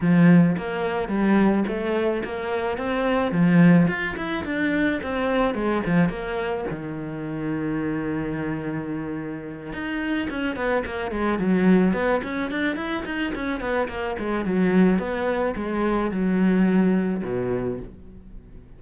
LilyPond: \new Staff \with { instrumentName = "cello" } { \time 4/4 \tempo 4 = 108 f4 ais4 g4 a4 | ais4 c'4 f4 f'8 e'8 | d'4 c'4 gis8 f8 ais4 | dis1~ |
dis4. dis'4 cis'8 b8 ais8 | gis8 fis4 b8 cis'8 d'8 e'8 dis'8 | cis'8 b8 ais8 gis8 fis4 b4 | gis4 fis2 b,4 | }